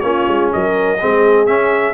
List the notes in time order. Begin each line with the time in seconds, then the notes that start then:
0.00 A#3 C#4 F4 C#5
0.28 G#3
0.52 F#3 A#4 D#5
1.00 G#3 C4 G#4
1.46 C#4 E5